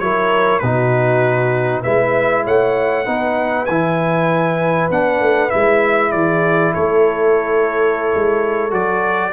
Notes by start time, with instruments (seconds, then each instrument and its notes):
0.00 tuba F#3, trombone E4, horn A#4, trumpet C#5
0.59 tuba B2, trombone D#4, horn F#4, trumpet B4
1.83 tuba G#3, trombone E4, horn B4, trumpet E5
2.45 tuba A3, horn C#5, trumpet F#5
3.05 tuba B3, trombone D#4, horn B4
3.66 tuba E3, trombone E4, trumpet G#5
4.91 tuba B3, trombone D4, trumpet F#5
5.21 tuba A3
5.51 tuba G#3, trombone E4, trumpet E5
6.12 tuba E3, horn G#4, trumpet D5
6.74 tuba A3, horn A4, trumpet C#5
8.15 tuba G#3
8.71 tuba F#3, trombone F#4, trumpet D5